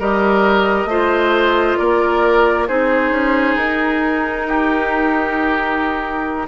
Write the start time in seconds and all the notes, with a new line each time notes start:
0.00 G3 G4 A#4 D#5
0.85 A3 F4 C5
1.78 A#3 A#4 D5
2.68 C4 D#4 G#4 C5
3.11 C#4
3.57 D#4 A#4
4.48 G4